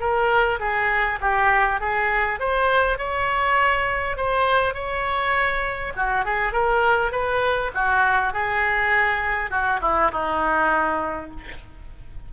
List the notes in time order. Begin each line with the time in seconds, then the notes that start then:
0.00 A#4
0.60 G#4
1.21 G4
1.80 G#4
2.40 C5
2.98 C#5
4.17 C5
4.74 C#5
5.96 F#4
6.25 G#4
6.53 A#4
7.12 B4
7.74 F#4
8.33 G#4
9.50 F#4
9.82 E4
10.12 D#4